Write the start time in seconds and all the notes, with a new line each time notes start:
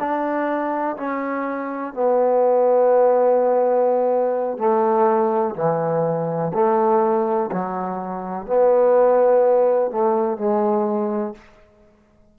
0.00 D4
0.97 C#4
1.94 B3
4.58 A3
5.56 E3
6.54 A3
7.52 F#3
8.47 B3
9.91 A3
10.38 G#3